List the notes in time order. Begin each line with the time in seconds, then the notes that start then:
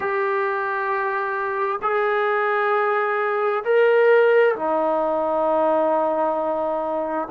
0.00 G4
1.81 G#4
3.64 A#4
4.55 D#4